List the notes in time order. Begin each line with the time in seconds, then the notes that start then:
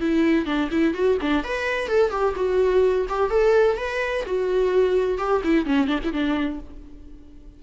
0.00 E4
0.46 D4
0.71 E4
0.94 F#4
1.21 D4
1.43 B4
1.88 A4
2.10 G4
2.36 F#4
3.09 G4
3.30 A4
3.77 B4
4.25 F#4
5.18 G4
5.44 E4
5.65 C#4
5.87 D4
6.04 E4
6.12 D4